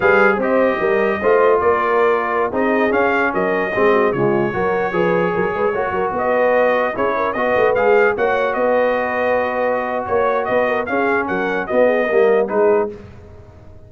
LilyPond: <<
  \new Staff \with { instrumentName = "trumpet" } { \time 4/4 \tempo 4 = 149 f''4 dis''2. | d''2~ d''16 dis''4 f''8.~ | f''16 dis''2 cis''4.~ cis''16~ | cis''2.~ cis''16 dis''8.~ |
dis''4~ dis''16 cis''4 dis''4 f''8.~ | f''16 fis''4 dis''2~ dis''8.~ | dis''4 cis''4 dis''4 f''4 | fis''4 dis''2 b'4 | }
  \new Staff \with { instrumentName = "horn" } { \time 4/4 b'4 c''4 ais'4 c''4 | ais'2~ ais'16 gis'4.~ gis'16~ | gis'16 ais'4 gis'8 fis'8 f'4 ais'8.~ | ais'16 b'4 ais'8 b'8 cis''8 ais'8 b'8.~ |
b'4~ b'16 gis'8 ais'8 b'4.~ b'16~ | b'16 cis''4 b'2~ b'8.~ | b'4 cis''4 b'8 ais'8 gis'4 | ais'4 fis'8 gis'8 ais'4 gis'4 | }
  \new Staff \with { instrumentName = "trombone" } { \time 4/4 gis'4 g'2 f'4~ | f'2~ f'16 dis'4 cis'8.~ | cis'4~ cis'16 c'4 gis4 fis'8.~ | fis'16 gis'2 fis'4.~ fis'16~ |
fis'4~ fis'16 e'4 fis'4 gis'8.~ | gis'16 fis'2.~ fis'8.~ | fis'2. cis'4~ | cis'4 b4 ais4 dis'4 | }
  \new Staff \with { instrumentName = "tuba" } { \time 4/4 g4 c'4 g4 a4 | ais2~ ais16 c'4 cis'8.~ | cis'16 fis4 gis4 cis4 fis8.~ | fis16 f4 fis8 gis8 ais8 fis8 b8.~ |
b4~ b16 cis'4 b8 a8 gis8.~ | gis16 ais4 b2~ b8.~ | b4 ais4 b4 cis'4 | fis4 b4 g4 gis4 | }
>>